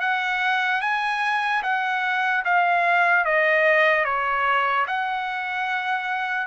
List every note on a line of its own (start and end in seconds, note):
0.00 0.81 F#5
0.81 1.62 G#5
1.63 2.44 F#5
2.44 3.24 F5
3.24 4.05 D#5
4.05 4.86 C#5
4.87 6.46 F#5